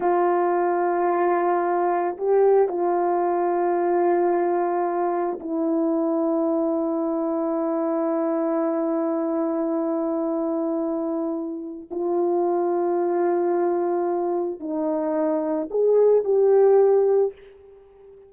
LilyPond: \new Staff \with { instrumentName = "horn" } { \time 4/4 \tempo 4 = 111 f'1 | g'4 f'2.~ | f'2 e'2~ | e'1~ |
e'1~ | e'2 f'2~ | f'2. dis'4~ | dis'4 gis'4 g'2 | }